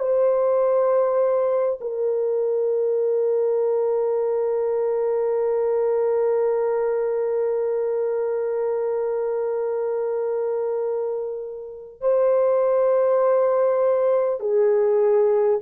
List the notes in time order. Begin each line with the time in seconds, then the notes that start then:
0.00 C5
1.81 A#4
12.01 C5
14.40 G#4